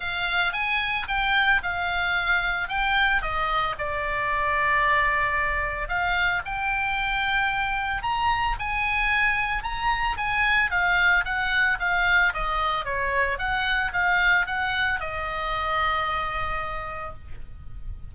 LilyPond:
\new Staff \with { instrumentName = "oboe" } { \time 4/4 \tempo 4 = 112 f''4 gis''4 g''4 f''4~ | f''4 g''4 dis''4 d''4~ | d''2. f''4 | g''2. ais''4 |
gis''2 ais''4 gis''4 | f''4 fis''4 f''4 dis''4 | cis''4 fis''4 f''4 fis''4 | dis''1 | }